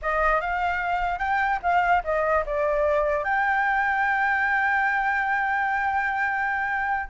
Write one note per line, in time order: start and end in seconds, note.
0.01 0.40 D#5
0.40 1.19 F5
1.19 1.59 G5
1.62 2.03 F5
2.04 2.44 D#5
2.45 3.24 D5
3.24 7.09 G5